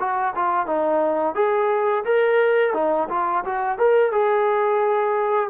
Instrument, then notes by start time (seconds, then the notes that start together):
trombone
0.00 F#4
0.35 F4
0.67 D#4
1.35 G#4
2.05 A#4
2.74 D#4
3.10 F4
3.45 F#4
3.79 A#4
4.13 G#4